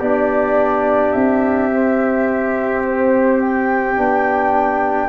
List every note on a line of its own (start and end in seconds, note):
0.00 1.14 B3
0.00 1.71 D4
0.00 5.09 G4
0.00 1.12 D5
1.12 3.98 C4
1.12 2.82 E5
1.71 3.97 C4
2.85 3.41 C5
3.41 5.09 G5
3.97 5.09 B3
3.97 5.09 D4